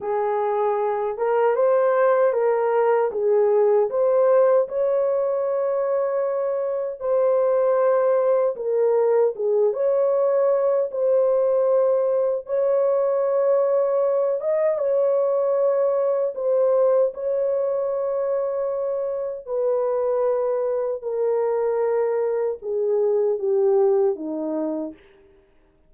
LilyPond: \new Staff \with { instrumentName = "horn" } { \time 4/4 \tempo 4 = 77 gis'4. ais'8 c''4 ais'4 | gis'4 c''4 cis''2~ | cis''4 c''2 ais'4 | gis'8 cis''4. c''2 |
cis''2~ cis''8 dis''8 cis''4~ | cis''4 c''4 cis''2~ | cis''4 b'2 ais'4~ | ais'4 gis'4 g'4 dis'4 | }